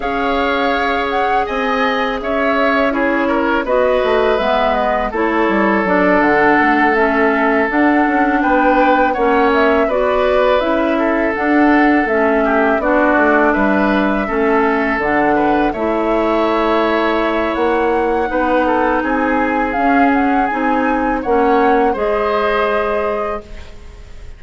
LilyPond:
<<
  \new Staff \with { instrumentName = "flute" } { \time 4/4 \tempo 4 = 82 f''4. fis''8 gis''4 e''4 | cis''4 dis''4 e''8 dis''8 cis''4 | d''8 fis''4 e''4 fis''4 g''8~ | g''8 fis''8 e''8 d''4 e''4 fis''8~ |
fis''8 e''4 d''4 e''4.~ | e''8 fis''4 e''2~ e''8 | fis''2 gis''4 f''8 fis''8 | gis''4 fis''4 dis''2 | }
  \new Staff \with { instrumentName = "oboe" } { \time 4/4 cis''2 dis''4 cis''4 | gis'8 ais'8 b'2 a'4~ | a'2.~ a'8 b'8~ | b'8 cis''4 b'4. a'4~ |
a'4 g'8 fis'4 b'4 a'8~ | a'4 b'8 cis''2~ cis''8~ | cis''4 b'8 a'8 gis'2~ | gis'4 cis''4 c''2 | }
  \new Staff \with { instrumentName = "clarinet" } { \time 4/4 gis'1 | e'4 fis'4 b4 e'4 | d'4. cis'4 d'4.~ | d'8 cis'4 fis'4 e'4 d'8~ |
d'8 cis'4 d'2 cis'8~ | cis'8 d'4 e'2~ e'8~ | e'4 dis'2 cis'4 | dis'4 cis'4 gis'2 | }
  \new Staff \with { instrumentName = "bassoon" } { \time 4/4 cis'2 c'4 cis'4~ | cis'4 b8 a8 gis4 a8 g8 | fis8 d8 a4. d'8 cis'8 b8~ | b8 ais4 b4 cis'4 d'8~ |
d'8 a4 b8 a8 g4 a8~ | a8 d4 a2~ a8 | ais4 b4 c'4 cis'4 | c'4 ais4 gis2 | }
>>